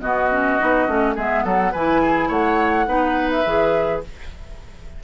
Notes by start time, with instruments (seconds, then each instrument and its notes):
0.00 bassoon B2, clarinet B3, oboe F#4, flute D#5
0.31 clarinet C#4
0.59 bassoon B3, clarinet D#4
0.87 bassoon A3, clarinet C#4
1.15 bassoon G#3, clarinet B3, oboe G#4, flute E5
1.43 bassoon F#3, oboe A4, flute F#5
1.72 bassoon E3, clarinet E4, oboe B4, flute G#5
2.02 oboe G#4
2.28 bassoon A3, oboe C#5, flute F#5
2.86 bassoon B3, clarinet D#4, oboe B4
3.30 flute E5
3.45 bassoon E3, clarinet G#4